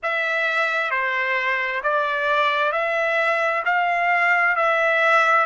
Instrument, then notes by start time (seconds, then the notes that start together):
trumpet
0.02 E5
0.90 C5
1.83 D5
2.72 E5
3.65 F5
4.55 E5